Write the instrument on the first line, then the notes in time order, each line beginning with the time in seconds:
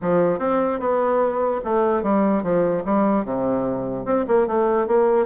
bassoon
0.01 F3
0.39 C4
0.79 B3
1.64 A3
2.02 G3
2.43 F3
2.85 G3
3.24 C3
4.05 C4
4.27 A#3
4.47 A3
4.87 A#3